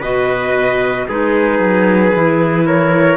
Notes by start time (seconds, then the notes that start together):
0.00 B2 F#4 B4 D#5
1.08 G#3 D#4 G#4 B4
1.59 F#3
2.14 E3 E4
2.67 A#4 C#5